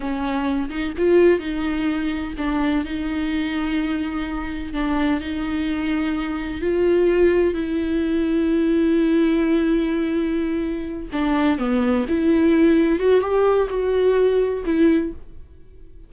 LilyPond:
\new Staff \with { instrumentName = "viola" } { \time 4/4 \tempo 4 = 127 cis'4. dis'8 f'4 dis'4~ | dis'4 d'4 dis'2~ | dis'2 d'4 dis'4~ | dis'2 f'2 |
e'1~ | e'2.~ e'8 d'8~ | d'8 b4 e'2 fis'8 | g'4 fis'2 e'4 | }